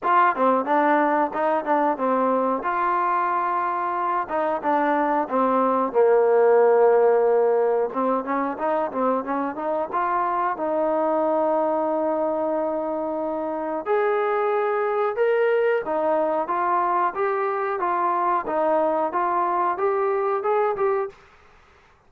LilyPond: \new Staff \with { instrumentName = "trombone" } { \time 4/4 \tempo 4 = 91 f'8 c'8 d'4 dis'8 d'8 c'4 | f'2~ f'8 dis'8 d'4 | c'4 ais2. | c'8 cis'8 dis'8 c'8 cis'8 dis'8 f'4 |
dis'1~ | dis'4 gis'2 ais'4 | dis'4 f'4 g'4 f'4 | dis'4 f'4 g'4 gis'8 g'8 | }